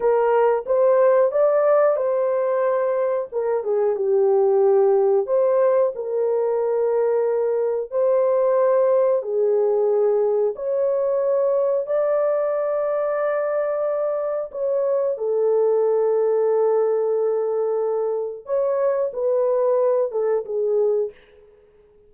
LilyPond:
\new Staff \with { instrumentName = "horn" } { \time 4/4 \tempo 4 = 91 ais'4 c''4 d''4 c''4~ | c''4 ais'8 gis'8 g'2 | c''4 ais'2. | c''2 gis'2 |
cis''2 d''2~ | d''2 cis''4 a'4~ | a'1 | cis''4 b'4. a'8 gis'4 | }